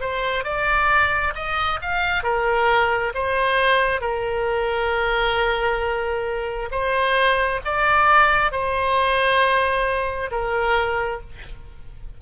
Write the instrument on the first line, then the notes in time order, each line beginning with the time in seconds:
oboe
0.00 C5
0.44 D5
1.35 D#5
1.81 F5
2.23 A#4
3.14 C5
4.01 A#4
6.71 C5
7.64 D5
8.51 C5
10.31 A#4